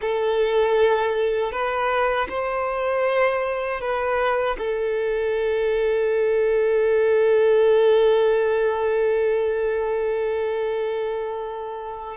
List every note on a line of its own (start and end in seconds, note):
0.01 1.52 A4
1.52 2.28 B4
2.29 3.80 C5
3.80 4.56 B4
4.58 12.16 A4